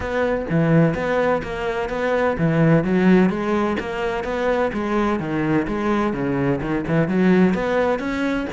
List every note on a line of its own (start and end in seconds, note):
0.00 0.45 B3
0.50 0.94 E3
0.94 1.42 B3
1.42 1.89 A#3
1.89 2.36 B3
2.38 2.83 E3
2.83 3.29 F#3
3.29 3.76 G#3
3.79 4.23 A#3
4.23 4.71 B3
4.73 5.19 G#3
5.19 5.66 D#3
5.67 6.13 G#3
6.13 6.60 C#3
6.61 6.84 D#3
6.87 7.08 E3
7.08 7.54 F#3
7.54 7.99 B3
7.99 8.46 C#4